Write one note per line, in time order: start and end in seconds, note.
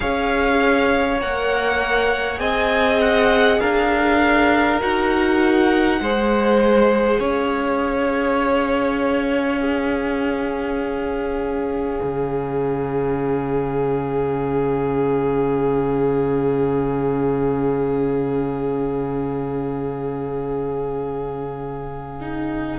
0.00 1.22 C#4
0.00 1.18 G#4
0.00 2.40 C#5
0.00 1.20 F5
1.19 2.39 A#3
1.19 2.36 A#4
1.19 2.39 F#5
2.36 3.59 C4
2.36 4.76 G#4
2.36 3.60 D#5
2.36 2.99 G#5
3.01 3.60 F#5
3.60 4.81 D4
3.60 6.00 A#4
3.60 4.79 F5
4.79 6.00 D#4
4.79 5.99 F#4
4.79 7.21 F#5
6.00 7.19 G#3
6.00 9.58 G#4
6.00 7.20 C5
7.19 11.99 C#4
7.19 9.60 C#5
7.19 22.78 F5
9.58 22.18 C#4
9.58 22.78 G#4
12.02 22.78 C#3
22.20 22.78 D#4